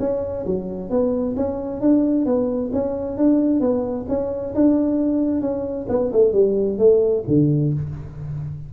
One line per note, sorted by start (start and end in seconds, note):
0.00 0.45 C#4
0.46 0.90 F#3
0.90 1.36 B3
1.37 1.81 C#4
1.81 2.26 D4
2.26 2.71 B3
2.73 3.18 C#4
3.18 3.61 D4
3.61 4.06 B3
4.09 4.54 C#4
4.55 5.42 D4
5.42 5.87 C#4
5.89 6.12 B3
6.13 6.33 A3
6.33 6.79 G3
6.79 7.24 A3
7.28 7.73 D3